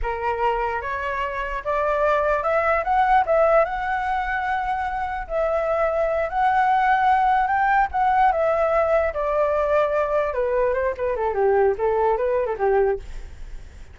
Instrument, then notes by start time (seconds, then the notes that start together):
flute
0.02 A#4
0.81 C#5
1.64 D5
2.43 E5
2.84 F#5
3.26 E5
3.64 F#5
5.27 E5
6.29 F#5
7.47 G5
7.91 F#5
8.32 E5
9.13 D5
10.33 B4
10.73 C5
10.97 B4
11.16 A4
11.33 G4
11.78 A4
12.17 B4
12.46 A4
12.58 G4